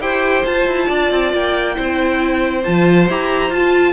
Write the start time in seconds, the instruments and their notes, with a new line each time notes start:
0.00 cello E4, viola G4, violin C5 G5
0.45 viola F4, cello F4, violin A5
0.67 cello E4
0.87 cello D4, violin D5
1.11 cello C4
1.33 cello A#3, violin G5
1.74 cello C4, viola E4, violin C5
2.64 cello F3, viola F4, violin A5
3.09 cello E4, viola G4, violin A#5
3.50 cello F4, viola F4, violin A5